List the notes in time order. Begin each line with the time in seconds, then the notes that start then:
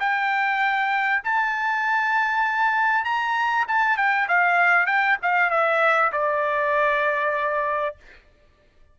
0.00 G5
1.24 A5
3.05 A#5
3.68 A5
3.97 G5
4.28 F5
4.86 G5
5.23 F5
5.50 E5
6.12 D5